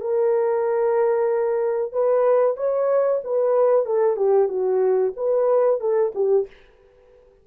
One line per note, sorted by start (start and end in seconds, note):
0.00 1.92 A#4
1.92 2.56 B4
2.56 3.21 C#5
3.24 3.85 B4
3.85 4.16 A4
4.16 4.48 G4
4.48 5.13 F#4
5.16 5.80 B4
5.80 6.12 A4
6.14 6.47 G4